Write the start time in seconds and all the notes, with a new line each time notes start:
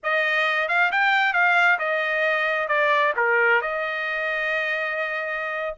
0.03 D#5
0.68 F5
0.91 G5
1.33 F5
1.79 D#5
2.68 D5
3.16 A#4
3.61 D#5